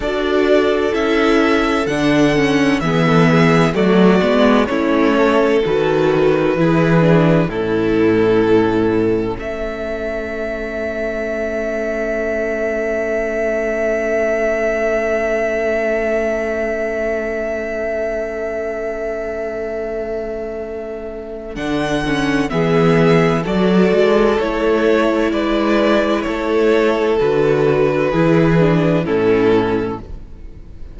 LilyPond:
<<
  \new Staff \with { instrumentName = "violin" } { \time 4/4 \tempo 4 = 64 d''4 e''4 fis''4 e''4 | d''4 cis''4 b'2 | a'2 e''2~ | e''1~ |
e''1~ | e''2. fis''4 | e''4 d''4 cis''4 d''4 | cis''4 b'2 a'4 | }
  \new Staff \with { instrumentName = "violin" } { \time 4/4 a'2. gis'16 a'16 gis'8 | fis'4 e'8 a'4. gis'4 | e'2 a'2~ | a'1~ |
a'1~ | a'1 | gis'4 a'2 b'4 | a'2 gis'4 e'4 | }
  \new Staff \with { instrumentName = "viola" } { \time 4/4 fis'4 e'4 d'8 cis'8 b4 | a8 b8 cis'4 fis'4 e'8 d'8 | cis'1~ | cis'1~ |
cis'1~ | cis'2. d'8 cis'8 | b4 fis'4 e'2~ | e'4 fis'4 e'8 d'8 cis'4 | }
  \new Staff \with { instrumentName = "cello" } { \time 4/4 d'4 cis'4 d4 e4 | fis8 gis8 a4 dis4 e4 | a,2 a2~ | a1~ |
a1~ | a2. d4 | e4 fis8 gis8 a4 gis4 | a4 d4 e4 a,4 | }
>>